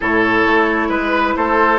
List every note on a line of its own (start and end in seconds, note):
0.00 0.46 A2
0.00 1.79 E4
0.00 0.88 A4
0.00 0.91 C#5
0.46 0.89 A3
0.88 1.34 G#3
0.88 1.34 B4
0.88 1.36 B4
1.36 1.79 A3
1.36 1.79 A4
1.36 1.79 C5